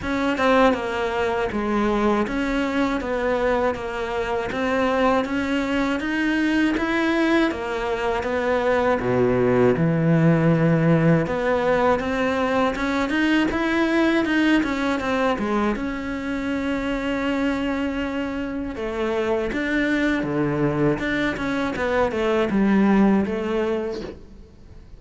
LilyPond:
\new Staff \with { instrumentName = "cello" } { \time 4/4 \tempo 4 = 80 cis'8 c'8 ais4 gis4 cis'4 | b4 ais4 c'4 cis'4 | dis'4 e'4 ais4 b4 | b,4 e2 b4 |
c'4 cis'8 dis'8 e'4 dis'8 cis'8 | c'8 gis8 cis'2.~ | cis'4 a4 d'4 d4 | d'8 cis'8 b8 a8 g4 a4 | }